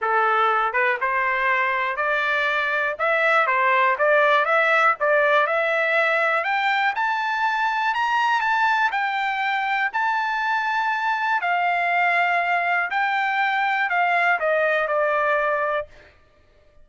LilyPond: \new Staff \with { instrumentName = "trumpet" } { \time 4/4 \tempo 4 = 121 a'4. b'8 c''2 | d''2 e''4 c''4 | d''4 e''4 d''4 e''4~ | e''4 g''4 a''2 |
ais''4 a''4 g''2 | a''2. f''4~ | f''2 g''2 | f''4 dis''4 d''2 | }